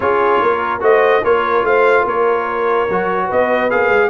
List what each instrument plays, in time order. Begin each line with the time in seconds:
0.00 tuba C#4, trombone F4, horn G#4, trumpet C#5
0.41 tuba A#3, horn A#4
0.80 tuba A3, trombone F#4, horn C5, trumpet D#5
1.23 tuba A#3, trombone F4, horn A#4, trumpet C#5
1.63 tuba A3, horn C5, trumpet F5
2.02 tuba A#3, horn A#4, trumpet C#5
2.89 tuba F#3, trombone F#4
3.25 tuba B3, horn B4, trumpet D#5
3.70 tuba A#3, trombone G#4, trumpet F5
3.89 tuba G#3